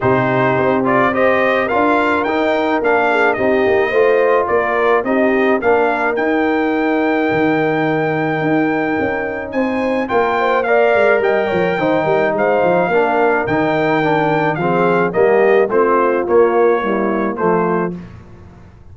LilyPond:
<<
  \new Staff \with { instrumentName = "trumpet" } { \time 4/4 \tempo 4 = 107 c''4. d''8 dis''4 f''4 | g''4 f''4 dis''2 | d''4 dis''4 f''4 g''4~ | g''1~ |
g''4 gis''4 g''4 f''4 | g''2 f''2 | g''2 f''4 dis''4 | c''4 cis''2 c''4 | }
  \new Staff \with { instrumentName = "horn" } { \time 4/4 g'2 c''4 ais'4~ | ais'4. gis'8 g'4 c''4 | ais'4 g'4 ais'2~ | ais'1~ |
ais'4 c''4 ais'8 c''8 d''4 | dis''8 cis''8 c''8 ais'8 c''4 ais'4~ | ais'2 gis'4 g'4 | f'2 e'4 f'4 | }
  \new Staff \with { instrumentName = "trombone" } { \time 4/4 dis'4. f'8 g'4 f'4 | dis'4 d'4 dis'4 f'4~ | f'4 dis'4 d'4 dis'4~ | dis'1~ |
dis'2 f'4 ais'4~ | ais'4 dis'2 d'4 | dis'4 d'4 c'4 ais4 | c'4 ais4 g4 a4 | }
  \new Staff \with { instrumentName = "tuba" } { \time 4/4 c4 c'2 d'4 | dis'4 ais4 c'8 ais8 a4 | ais4 c'4 ais4 dis'4~ | dis'4 dis2 dis'4 |
cis'4 c'4 ais4. gis8 | g8 f8 dis8 g8 gis8 f8 ais4 | dis2 f4 g4 | a4 ais2 f4 | }
>>